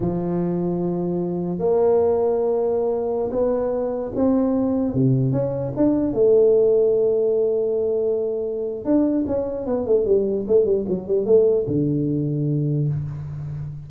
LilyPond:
\new Staff \with { instrumentName = "tuba" } { \time 4/4 \tempo 4 = 149 f1 | ais1~ | ais16 b2 c'4.~ c'16~ | c'16 c4 cis'4 d'4 a8.~ |
a1~ | a2 d'4 cis'4 | b8 a8 g4 a8 g8 fis8 g8 | a4 d2. | }